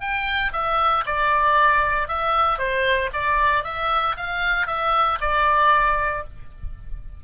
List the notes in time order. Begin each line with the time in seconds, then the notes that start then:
0.00 G5
0.53 E5
1.06 D5
2.08 E5
2.58 C5
3.13 D5
3.64 E5
4.17 F5
4.67 E5
5.21 D5